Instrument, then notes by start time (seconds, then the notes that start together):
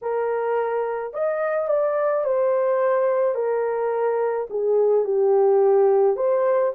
horn
0.01 A#4
1.13 D#5
1.68 D5
2.24 C5
3.34 A#4
4.49 G#4
5.04 G4
6.16 C5